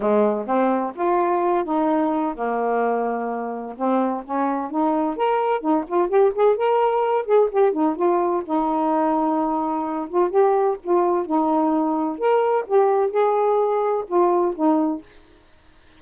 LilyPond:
\new Staff \with { instrumentName = "saxophone" } { \time 4/4 \tempo 4 = 128 gis4 c'4 f'4. dis'8~ | dis'4 ais2. | c'4 cis'4 dis'4 ais'4 | dis'8 f'8 g'8 gis'8 ais'4. gis'8 |
g'8 dis'8 f'4 dis'2~ | dis'4. f'8 g'4 f'4 | dis'2 ais'4 g'4 | gis'2 f'4 dis'4 | }